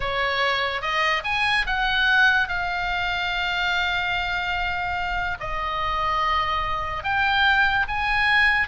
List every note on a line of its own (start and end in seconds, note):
0.00 0.81 C#5
0.81 1.22 D#5
1.24 1.65 G#5
1.66 2.48 F#5
2.48 5.38 F5
5.39 7.03 D#5
7.03 7.86 G5
7.88 8.67 G#5